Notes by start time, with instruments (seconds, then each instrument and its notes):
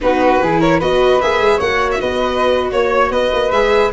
0.00 tuba B3, viola D#4, flute F#4, violin B4
0.41 tuba E3, viola E4, flute G#4
0.60 flute A#4, violin C#5
0.79 tuba B3, viola F#4, flute B4, violin D#5
1.21 tuba A#3, viola G#4, violin E5
1.39 tuba G#3
1.57 tuba A#3, viola F#4, flute C#5, violin F#5
1.91 violin E5
2.00 tuba B3, flute B4, violin D#5
2.71 tuba A#3, violin C#5, flute C#5
3.10 tuba B3, flute B4, violin D#5
3.32 tuba A#3
3.51 tuba G#3, viola G#4, violin E5